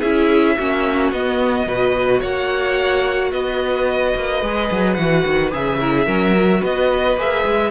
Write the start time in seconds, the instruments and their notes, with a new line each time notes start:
0.00 cello C#4, viola E4, violin G#4 E5
0.57 cello A#3, viola C#4, violin F#4
1.12 cello B3, viola B3, violin D#5
1.67 cello B2, viola F#4, violin B4
2.20 cello A#3, violin C#5 F#5
3.32 cello B3, violin B4 D#5
4.15 cello A#3
4.42 cello G#3, viola G#4
4.71 cello F#3
4.94 cello E3, viola F#4, violin F#5
5.26 cello D#3
5.51 cello C#3, viola G#4, violin E5
5.80 viola E4, violin A#4
5.95 violin G#4
6.06 cello F#3, viola C#4, violin A#4
6.38 viola F#4
6.60 cello B3, violin B4 D#5
7.17 cello A#3, viola G#4, violin E5
7.45 cello G#3